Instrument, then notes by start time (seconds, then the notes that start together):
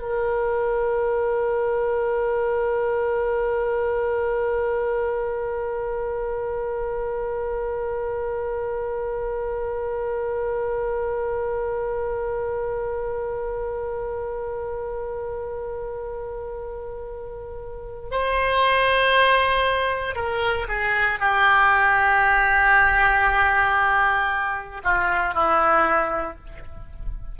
oboe
0.00 A#4
18.11 C5
20.15 A#4
20.68 G#4
21.19 G4
24.84 F4
25.34 E4